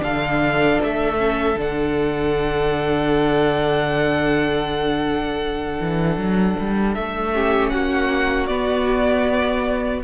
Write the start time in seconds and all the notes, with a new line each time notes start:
0.00 D3 D4 A4 F5
0.83 A3 E5
1.17 C#4
1.55 D3 D4 F#5
5.80 E3
6.17 F#3
6.59 G3
6.94 A3 E5
7.33 C#4 G4
7.69 A#3 F#4 F#5
8.46 B3 D5